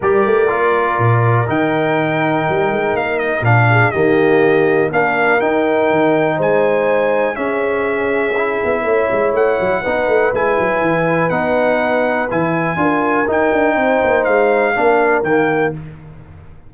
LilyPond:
<<
  \new Staff \with { instrumentName = "trumpet" } { \time 4/4 \tempo 4 = 122 d''2. g''4~ | g''2 f''8 dis''8 f''4 | dis''2 f''4 g''4~ | g''4 gis''2 e''4~ |
e''2. fis''4~ | fis''4 gis''2 fis''4~ | fis''4 gis''2 g''4~ | g''4 f''2 g''4 | }
  \new Staff \with { instrumentName = "horn" } { \time 4/4 ais'1~ | ais'2.~ ais'8 gis'8 | g'2 ais'2~ | ais'4 c''2 gis'4~ |
gis'2 cis''2 | b'1~ | b'2 ais'2 | c''2 ais'2 | }
  \new Staff \with { instrumentName = "trombone" } { \time 4/4 g'4 f'2 dis'4~ | dis'2. d'4 | ais2 d'4 dis'4~ | dis'2. cis'4~ |
cis'4 e'2. | dis'4 e'2 dis'4~ | dis'4 e'4 f'4 dis'4~ | dis'2 d'4 ais4 | }
  \new Staff \with { instrumentName = "tuba" } { \time 4/4 g8 a8 ais4 ais,4 dis4~ | dis4 g8 gis8 ais4 ais,4 | dis2 ais4 dis'4 | dis4 gis2 cis'4~ |
cis'4. b8 a8 gis8 a8 fis8 | b8 a8 gis8 fis8 e4 b4~ | b4 e4 d'4 dis'8 d'8 | c'8 ais8 gis4 ais4 dis4 | }
>>